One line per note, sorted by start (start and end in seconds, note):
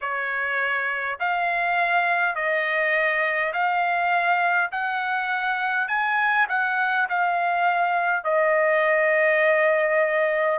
0.01 1.18 C#5
1.19 2.35 F5
2.35 3.52 D#5
3.53 4.71 F5
4.71 5.88 F#5
5.88 6.47 G#5
6.49 7.07 F#5
7.09 8.24 F5
8.24 10.59 D#5